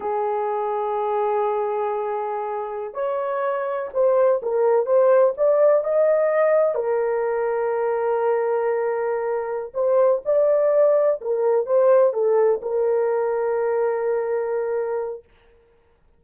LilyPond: \new Staff \with { instrumentName = "horn" } { \time 4/4 \tempo 4 = 126 gis'1~ | gis'2~ gis'16 cis''4.~ cis''16~ | cis''16 c''4 ais'4 c''4 d''8.~ | d''16 dis''2 ais'4.~ ais'16~ |
ais'1~ | ais'8 c''4 d''2 ais'8~ | ais'8 c''4 a'4 ais'4.~ | ais'1 | }